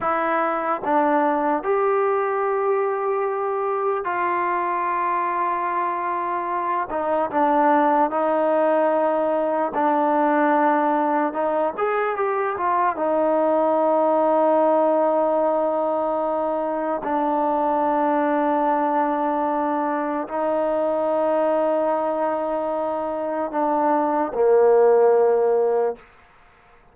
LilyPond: \new Staff \with { instrumentName = "trombone" } { \time 4/4 \tempo 4 = 74 e'4 d'4 g'2~ | g'4 f'2.~ | f'8 dis'8 d'4 dis'2 | d'2 dis'8 gis'8 g'8 f'8 |
dis'1~ | dis'4 d'2.~ | d'4 dis'2.~ | dis'4 d'4 ais2 | }